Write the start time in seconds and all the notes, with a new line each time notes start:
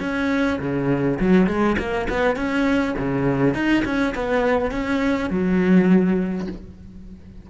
0.00 C#4
0.60 C#3
1.20 F#3
1.47 G#3
1.78 A#3
2.10 B3
2.36 C#4
2.99 C#3
3.55 D#4
3.85 C#4
4.15 B3
4.71 C#4
5.30 F#3